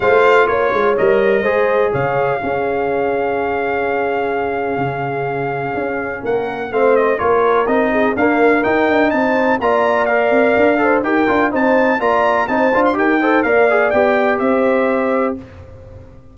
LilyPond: <<
  \new Staff \with { instrumentName = "trumpet" } { \time 4/4 \tempo 4 = 125 f''4 cis''4 dis''2 | f''1~ | f''1~ | f''4 fis''4 f''8 dis''8 cis''4 |
dis''4 f''4 g''4 a''4 | ais''4 f''2 g''4 | a''4 ais''4 a''8. c'''16 g''4 | f''4 g''4 e''2 | }
  \new Staff \with { instrumentName = "horn" } { \time 4/4 c''4 cis''2 c''4 | cis''4 gis'2.~ | gis'1~ | gis'4 ais'4 c''4 ais'4~ |
ais'8 gis'8 ais'2 c''4 | d''2~ d''8 c''8 ais'4 | c''4 d''4 c''4 ais'8 c''8 | d''2 c''2 | }
  \new Staff \with { instrumentName = "trombone" } { \time 4/4 f'2 ais'4 gis'4~ | gis'4 cis'2.~ | cis'1~ | cis'2 c'4 f'4 |
dis'4 ais4 dis'2 | f'4 ais'4. a'8 g'8 f'8 | dis'4 f'4 dis'8 f'8 g'8 a'8 | ais'8 gis'8 g'2. | }
  \new Staff \with { instrumentName = "tuba" } { \time 4/4 a4 ais8 gis8 g4 gis4 | cis4 cis'2.~ | cis'2 cis2 | cis'4 ais4 a4 ais4 |
c'4 d'4 dis'8 d'8 c'4 | ais4. c'8 d'4 dis'8 d'8 | c'4 ais4 c'8 d'8 dis'4 | ais4 b4 c'2 | }
>>